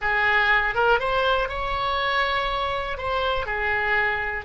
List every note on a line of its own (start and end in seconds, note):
0.01 0.74 G#4
0.74 0.99 A#4
0.99 1.49 C5
1.49 2.97 C#5
2.97 3.46 C5
3.46 4.44 G#4